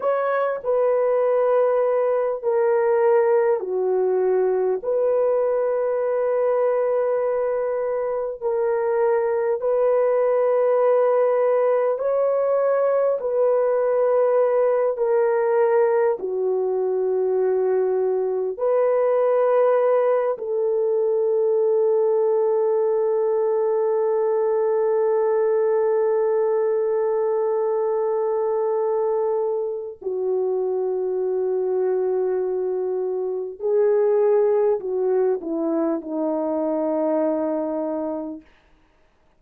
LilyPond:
\new Staff \with { instrumentName = "horn" } { \time 4/4 \tempo 4 = 50 cis''8 b'4. ais'4 fis'4 | b'2. ais'4 | b'2 cis''4 b'4~ | b'8 ais'4 fis'2 b'8~ |
b'4 a'2.~ | a'1~ | a'4 fis'2. | gis'4 fis'8 e'8 dis'2 | }